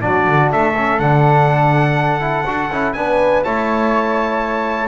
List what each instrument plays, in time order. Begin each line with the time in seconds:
0.00 double bass F#3, trombone D4, flute F#4, trumpet D5
0.27 double bass D3
0.52 double bass A3, flute A4, trumpet E5
0.77 trombone C#4
0.99 double bass D3, trombone D4, trumpet F#5
2.20 trombone E4
2.46 double bass D4, trombone F#4
2.70 double bass C#4, trombone E4
2.93 double bass B3, trombone D4, flute B4, trumpet G#5
3.43 double bass A3, trombone E4, flute C#5, trumpet A5